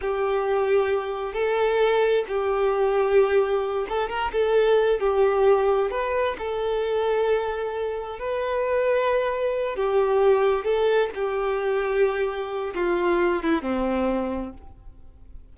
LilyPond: \new Staff \with { instrumentName = "violin" } { \time 4/4 \tempo 4 = 132 g'2. a'4~ | a'4 g'2.~ | g'8 a'8 ais'8 a'4. g'4~ | g'4 b'4 a'2~ |
a'2 b'2~ | b'4. g'2 a'8~ | a'8 g'2.~ g'8 | f'4. e'8 c'2 | }